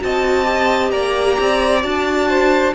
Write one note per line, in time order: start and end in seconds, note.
0.00 0.92 C4
0.00 0.45 F#4
0.00 0.93 D#5
0.00 0.91 A5
0.45 1.81 G4
0.91 1.38 A#3
0.91 2.29 D5
0.91 1.82 A#5
1.40 1.84 C4
1.82 2.75 D4
1.82 2.73 F#4
1.82 2.74 A5
2.29 2.75 C5